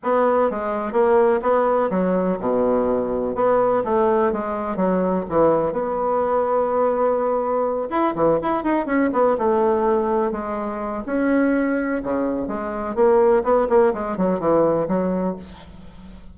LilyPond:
\new Staff \with { instrumentName = "bassoon" } { \time 4/4 \tempo 4 = 125 b4 gis4 ais4 b4 | fis4 b,2 b4 | a4 gis4 fis4 e4 | b1~ |
b8 e'8 e8 e'8 dis'8 cis'8 b8 a8~ | a4. gis4. cis'4~ | cis'4 cis4 gis4 ais4 | b8 ais8 gis8 fis8 e4 fis4 | }